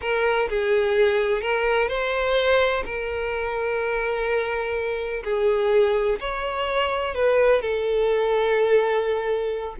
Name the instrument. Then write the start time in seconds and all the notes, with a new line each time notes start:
violin
0.01 A#4
0.49 G#4
1.41 A#4
1.88 C5
2.85 A#4
5.24 G#4
6.19 C#5
7.14 B4
7.61 A4